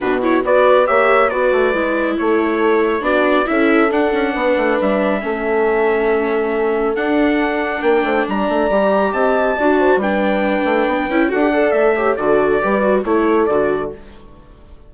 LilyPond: <<
  \new Staff \with { instrumentName = "trumpet" } { \time 4/4 \tempo 4 = 138 b'8 cis''8 d''4 e''4 d''4~ | d''4 cis''2 d''4 | e''4 fis''2 e''4~ | e''1 |
fis''2 g''4 ais''4~ | ais''4 a''2 g''4~ | g''2 fis''4 e''4 | d''2 cis''4 d''4 | }
  \new Staff \with { instrumentName = "horn" } { \time 4/4 fis'4 b'4 cis''4 b'4~ | b'4 a'2 fis'4 | a'2 b'2 | a'1~ |
a'2 ais'8 c''8 d''4~ | d''4 dis''4 d''8 c''8 b'4~ | b'2 a'8 d''4 cis''8 | a'4 b'4 a'2 | }
  \new Staff \with { instrumentName = "viola" } { \time 4/4 d'8 e'8 fis'4 g'4 fis'4 | e'2. d'4 | e'4 d'2. | cis'1 |
d'1 | g'2 fis'4 d'4~ | d'4. e'8 fis'16 g'16 a'4 g'8 | fis'4 g'8 fis'8 e'4 fis'4 | }
  \new Staff \with { instrumentName = "bassoon" } { \time 4/4 b,4 b4 ais4 b8 a8 | gis4 a2 b4 | cis'4 d'8 cis'8 b8 a8 g4 | a1 |
d'2 ais8 a8 g8 a8 | g4 c'4 d'4 g4~ | g8 a8 b8 cis'8 d'4 a4 | d4 g4 a4 d4 | }
>>